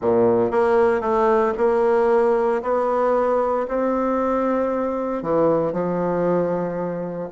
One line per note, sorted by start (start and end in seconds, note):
0.01 0.51 A#2
0.51 1.01 A#3
1.01 1.53 A3
1.57 2.62 A#3
2.62 3.66 B3
3.68 5.22 C4
5.22 5.72 E3
5.72 7.29 F3